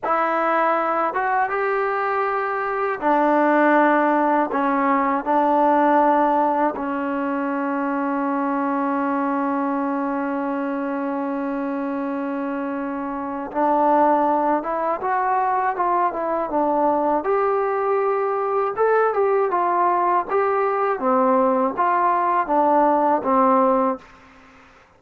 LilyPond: \new Staff \with { instrumentName = "trombone" } { \time 4/4 \tempo 4 = 80 e'4. fis'8 g'2 | d'2 cis'4 d'4~ | d'4 cis'2.~ | cis'1~ |
cis'2 d'4. e'8 | fis'4 f'8 e'8 d'4 g'4~ | g'4 a'8 g'8 f'4 g'4 | c'4 f'4 d'4 c'4 | }